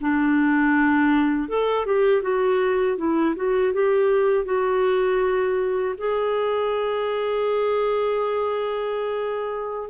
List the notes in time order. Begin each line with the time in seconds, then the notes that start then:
0.00 D4
1.48 A4
1.85 G4
2.22 F#4
2.97 E4
3.35 F#4
3.73 G4
4.45 F#4
5.97 G#4